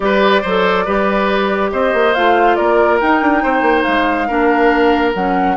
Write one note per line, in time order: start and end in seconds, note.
0.00 0.43 G3
0.00 0.42 G4
0.00 0.41 B4
0.00 1.69 D5
0.41 0.86 F#3
0.41 0.86 A4
0.41 0.84 C5
0.85 1.72 G3
0.85 2.14 G4
0.85 1.70 B4
1.71 1.93 C4
1.71 2.57 C5
1.71 2.14 D#5
1.93 2.14 A#3
2.14 2.58 A3
2.14 3.00 F4
2.14 2.55 F5
2.55 3.01 A#3
2.55 3.42 A#4
2.55 2.98 D5
3.00 4.28 D#4
3.00 3.21 D#4
3.00 3.82 G5
3.21 3.43 D4
3.42 3.61 C4
3.42 4.27 C5
3.61 3.83 A#3
3.82 4.29 G#3
3.82 5.11 F5
4.27 5.14 A#3
4.27 5.14 D4
4.27 5.56 A#4
5.14 5.56 F#3
5.14 5.56 C#4
5.14 5.56 F#5